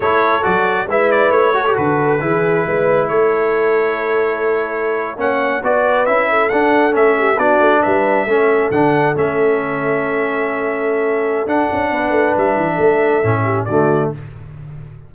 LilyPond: <<
  \new Staff \with { instrumentName = "trumpet" } { \time 4/4 \tempo 4 = 136 cis''4 d''4 e''8 d''8 cis''4 | b'2. cis''4~ | cis''2.~ cis''8. fis''16~ | fis''8. d''4 e''4 fis''4 e''16~ |
e''8. d''4 e''2 fis''16~ | fis''8. e''2.~ e''16~ | e''2 fis''2 | e''2. d''4 | }
  \new Staff \with { instrumentName = "horn" } { \time 4/4 a'2 b'4. a'8~ | a'4 gis'4 b'4 a'4~ | a'2.~ a'8. cis''16~ | cis''8. b'4. a'4.~ a'16~ |
a'16 g'8 fis'4 b'4 a'4~ a'16~ | a'1~ | a'2. b'4~ | b'4 a'4. g'8 fis'4 | }
  \new Staff \with { instrumentName = "trombone" } { \time 4/4 e'4 fis'4 e'4. fis'16 g'16 | fis'4 e'2.~ | e'2.~ e'8. cis'16~ | cis'8. fis'4 e'4 d'4 cis'16~ |
cis'8. d'2 cis'4 d'16~ | d'8. cis'2.~ cis'16~ | cis'2 d'2~ | d'2 cis'4 a4 | }
  \new Staff \with { instrumentName = "tuba" } { \time 4/4 a4 fis4 gis4 a4 | d4 e4 gis4 a4~ | a2.~ a8. ais16~ | ais8. b4 cis'4 d'4 a16~ |
a8. b8 a8 g4 a4 d16~ | d8. a2.~ a16~ | a2 d'8 cis'8 b8 a8 | g8 e8 a4 a,4 d4 | }
>>